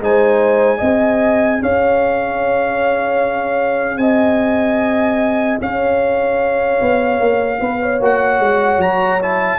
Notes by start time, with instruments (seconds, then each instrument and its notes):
0.00 tuba G#3, trombone D#4, horn C5, trumpet G#5
0.77 tuba C4, trombone G#4, horn D#5
1.62 tuba C#4, horn C#5, trumpet F5
3.98 tuba C4, horn D#5, trumpet G#5
5.60 tuba C#4, horn C#5, trumpet F5
6.81 tuba B3
7.19 tuba A#3
7.60 tuba B3, horn B4
7.82 horn C#5
8.00 tuba A#3, trombone F#4, trumpet F#5
8.39 tuba G#3
8.78 tuba F#3, trumpet A#5
9.22 trombone E4, trumpet A5